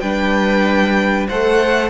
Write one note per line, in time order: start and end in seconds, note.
0.00 1.28 G3
0.00 1.29 D4
0.00 1.28 B4
0.00 1.26 G5
1.28 1.90 A3
1.28 1.90 A4
1.28 1.90 C5
1.28 1.90 F#5